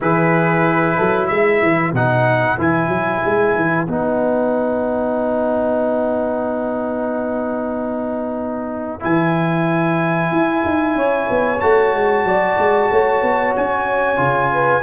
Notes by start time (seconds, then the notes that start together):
0.00 E3 E4 G#4 B4
0.97 F#3 A4
1.26 G#3 B4 E5
1.62 E3
1.92 B2 D#4 F#5
2.57 E3 E4 G#5
2.88 F#3
3.25 G#3
3.55 E3
3.87 B3 D#4 F#5
9.00 E3 E4 G#5
10.31 E4
10.64 D#4
10.95 C#4 C#5
11.29 B3
11.60 A3 F#4 A5
11.93 G#3
12.24 F#3 D5
12.58 G#3
12.91 A3 C#5
13.22 B3
13.56 C#4 G#5
14.16 C#3 F4
14.53 B4